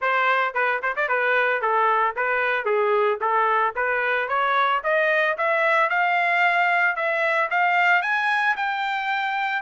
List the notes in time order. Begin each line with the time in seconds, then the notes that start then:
0.01 C5
0.54 B4
0.82 C5
0.95 D5
1.08 B4
1.61 A4
2.16 B4
2.65 G#4
3.20 A4
3.75 B4
4.28 C#5
4.83 D#5
5.37 E5
5.89 F5
6.95 E5
7.50 F5
8.01 G#5
8.56 G5